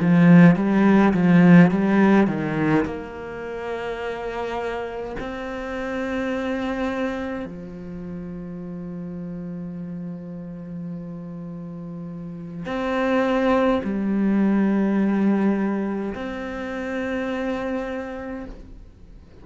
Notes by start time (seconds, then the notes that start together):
0.00 F3
0.56 G3
1.14 F3
1.71 G3
2.27 D#3
2.85 A#3
5.19 C4
7.45 F3
12.66 C4
13.84 G3
16.15 C4